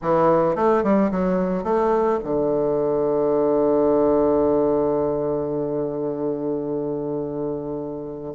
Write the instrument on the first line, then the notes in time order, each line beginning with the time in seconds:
bassoon
0.02 E3
0.55 A3
0.83 G3
1.11 F#3
1.63 A3
2.23 D3